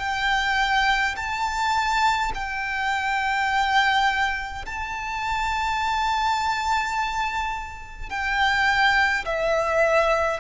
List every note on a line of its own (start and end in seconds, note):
0.00 1.15 G5
1.17 2.32 A5
2.34 4.65 G5
4.66 8.10 A5
8.10 9.25 G5
9.26 10.41 E5